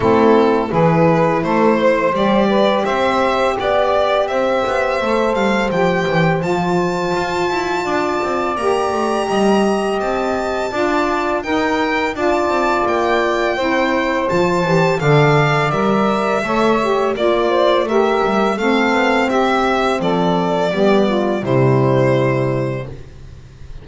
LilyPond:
<<
  \new Staff \with { instrumentName = "violin" } { \time 4/4 \tempo 4 = 84 a'4 b'4 c''4 d''4 | e''4 d''4 e''4. f''8 | g''4 a''2. | ais''2 a''2 |
g''4 a''4 g''2 | a''4 f''4 e''2 | d''4 e''4 f''4 e''4 | d''2 c''2 | }
  \new Staff \with { instrumentName = "saxophone" } { \time 4/4 e'4 gis'4 a'8 c''4 b'8 | c''4 d''4 c''2~ | c''2. d''4~ | d''4 dis''2 d''4 |
ais'4 d''2 c''4~ | c''4 d''2 cis''4 | d''8 c''8 ais'4 a'4 g'4 | a'4 g'8 f'8 e'2 | }
  \new Staff \with { instrumentName = "saxophone" } { \time 4/4 c'4 e'2 g'4~ | g'2. a'4 | g'4 f'2. | g'2. f'4 |
dis'4 f'2 e'4 | f'8 g'8 a'4 ais'4 a'8 g'8 | f'4 g'4 c'2~ | c'4 b4 g2 | }
  \new Staff \with { instrumentName = "double bass" } { \time 4/4 a4 e4 a4 g4 | c'4 b4 c'8 b8 a8 g8 | f8 e8 f4 f'8 e'8 d'8 c'8 | ais8 a8 g4 c'4 d'4 |
dis'4 d'8 c'8 ais4 c'4 | f8 e8 d4 g4 a4 | ais4 a8 g8 a8 b8 c'4 | f4 g4 c2 | }
>>